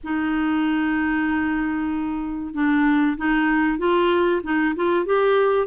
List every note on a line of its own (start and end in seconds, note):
0.03 2.53 D#4
2.53 3.17 D4
3.17 3.78 D#4
3.78 4.41 F4
4.43 4.74 D#4
4.75 5.05 F4
5.05 5.67 G4